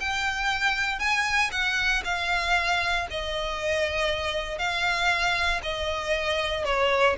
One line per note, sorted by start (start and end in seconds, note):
0.00 0.99 G5
0.99 1.50 G#5
1.51 2.03 F#5
2.04 3.07 F5
3.10 4.58 D#5
4.58 5.61 F5
5.63 6.65 D#5
6.65 7.16 C#5